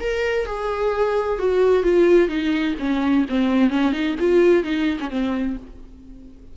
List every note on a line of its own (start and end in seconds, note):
0.00 0.46 A#4
0.46 1.38 G#4
1.38 1.83 F#4
1.83 2.28 F4
2.28 2.75 D#4
2.79 3.25 C#4
3.29 3.70 C4
3.70 3.92 C#4
3.92 4.15 D#4
4.19 4.63 F4
4.63 4.98 D#4
5.00 5.10 C#4
5.10 5.56 C4